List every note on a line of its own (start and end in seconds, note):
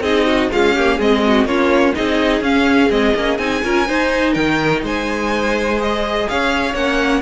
0.00 0.48 C4
0.00 0.50 D#4
0.00 0.26 G#4
0.00 0.50 D#5
0.26 0.50 F#4
0.50 0.74 G#3
0.50 0.99 C#4
0.50 0.74 F4
0.50 1.00 F5
0.74 0.99 A#3
0.74 0.96 G4
0.96 1.44 G#3
0.96 1.47 C4
0.96 1.20 G#4
0.96 1.46 D#5
1.26 1.47 F#4
1.44 1.92 A#3
1.44 1.94 C#4
1.44 1.95 F4
1.44 1.94 C#5
1.94 2.41 C4
1.94 2.42 D#4
1.94 3.64 G#4
1.94 2.42 D#5
2.41 2.89 C#4
2.41 2.90 C#4
2.41 2.90 F5
2.89 3.13 G#3
2.89 3.14 C4
2.89 3.38 D#5
3.15 3.38 A#3
3.15 3.39 C#4
3.38 3.62 C4
3.38 3.62 D#4
3.38 4.33 G#5
3.63 3.88 C#4
3.63 3.86 F4
3.63 3.87 A#4
3.86 5.77 D#4
3.86 4.36 D#4
3.86 4.33 C5
4.33 4.83 D#3
4.33 4.81 A#4
4.33 4.81 G5
4.83 6.27 G#3
4.83 6.28 C5
4.83 5.81 G#5
5.77 6.73 G#4
5.77 6.28 D#5
6.28 6.74 C#4
6.28 7.21 C#5
6.28 6.74 F5
6.74 7.21 A#3
6.74 7.21 C#4
6.74 7.21 F#5